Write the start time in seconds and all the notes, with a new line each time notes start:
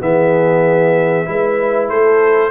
0.00 E3 B3 G#4 E5
1.26 G#3 E4 B4
1.90 A3 A4 C5